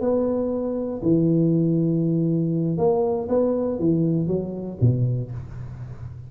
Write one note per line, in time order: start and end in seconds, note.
0.00 1.01 B3
1.02 2.77 E3
2.77 3.28 A#3
3.28 3.79 B3
3.79 4.27 E3
4.27 4.77 F#3
4.80 5.31 B2